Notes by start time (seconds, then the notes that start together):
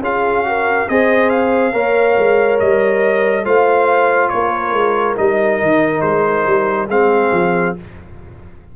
0.00 C#4 F4 G#4 F5
0.45 F#4 A#4
0.89 C4 G#4 C5 D#5
1.29 F5
1.73 A#3 A#4 C#5
2.18 G#3
2.60 G3 D#5
3.45 A3 F4 C5 F5
4.29 A#3 A#4 C#5
4.73 G#3
5.17 G3 D#4 D#5
5.62 D#3
6.01 G#3 C5
6.46 G3
6.88 G#3 C4 G#4 F5
7.32 F3